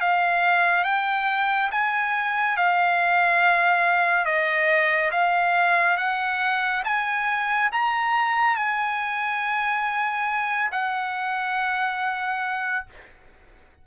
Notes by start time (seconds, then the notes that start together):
0.00 F5
0.84 G5
1.71 G#5
2.56 F5
4.25 D#5
5.11 F5
5.97 F#5
6.84 G#5
7.71 A#5
8.56 G#5
10.71 F#5